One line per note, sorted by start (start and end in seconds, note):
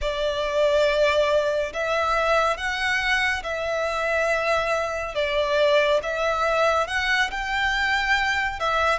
0.01 1.72 D5
1.73 2.57 E5
2.57 3.42 F#5
3.43 5.14 E5
5.14 6.00 D5
6.02 6.87 E5
6.87 7.30 F#5
7.31 8.59 G5
8.59 8.98 E5